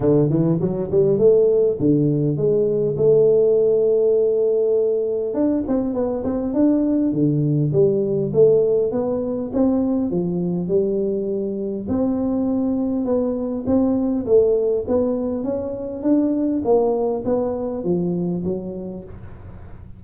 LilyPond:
\new Staff \with { instrumentName = "tuba" } { \time 4/4 \tempo 4 = 101 d8 e8 fis8 g8 a4 d4 | gis4 a2.~ | a4 d'8 c'8 b8 c'8 d'4 | d4 g4 a4 b4 |
c'4 f4 g2 | c'2 b4 c'4 | a4 b4 cis'4 d'4 | ais4 b4 f4 fis4 | }